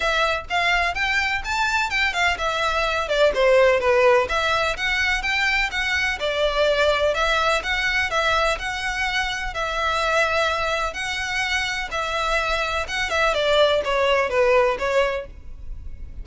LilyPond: \new Staff \with { instrumentName = "violin" } { \time 4/4 \tempo 4 = 126 e''4 f''4 g''4 a''4 | g''8 f''8 e''4. d''8 c''4 | b'4 e''4 fis''4 g''4 | fis''4 d''2 e''4 |
fis''4 e''4 fis''2 | e''2. fis''4~ | fis''4 e''2 fis''8 e''8 | d''4 cis''4 b'4 cis''4 | }